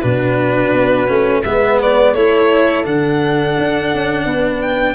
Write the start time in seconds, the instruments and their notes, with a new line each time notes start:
0.00 tuba B2, cello D4, horn F#4, violin B4
0.73 tuba B3
1.07 tuba A3, cello C#4
1.44 tuba G#3, cello B3, horn B4, violin E5
1.82 violin D5
2.13 tuba A3, cello E4, horn A4, violin C#5
2.83 tuba D3, cello D4, violin F#5
3.58 tuba D4
3.93 tuba C#4
4.25 tuba B3, horn B4
4.61 violin G5